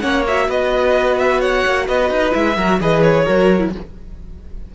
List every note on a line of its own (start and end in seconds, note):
0.00 0.49 A#3
0.00 0.24 C#4
0.00 0.48 C#5
0.00 0.23 F#5
0.27 2.31 F#4
0.27 0.50 E5
0.48 1.64 B3
0.48 1.40 B4
0.48 1.18 D#5
1.18 1.41 E5
1.40 1.86 C#5
1.40 1.87 F#5
1.65 1.88 A#3
1.87 2.10 B3
1.87 2.56 B4
1.87 2.33 D#5
2.10 2.33 D#4
2.31 2.56 G#3
2.31 2.54 E4
2.31 2.80 E5
2.56 2.79 F#3
2.56 2.80 F#4
2.56 2.79 A#4
2.80 3.26 E3
2.80 3.26 G#4
2.80 3.25 B4
2.80 3.02 D#5
3.02 3.71 C#5
3.25 3.75 F#3
3.25 3.59 F#4
3.25 3.71 A#4
3.59 3.70 E4